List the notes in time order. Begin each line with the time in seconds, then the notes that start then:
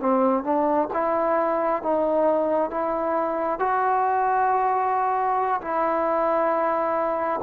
0.00 C4
0.44 D4
0.94 E4
1.83 D#4
2.71 E4
3.60 F#4
5.62 E4